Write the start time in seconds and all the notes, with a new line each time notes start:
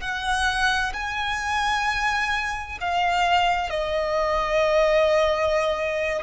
0.00 F#5
0.93 G#5
2.80 F5
3.69 D#5